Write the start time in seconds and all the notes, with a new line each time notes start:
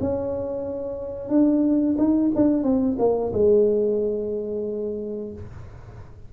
0.00 C#4
1.29 D4
1.98 D#4
2.35 D4
2.63 C4
2.98 A#3
3.33 G#3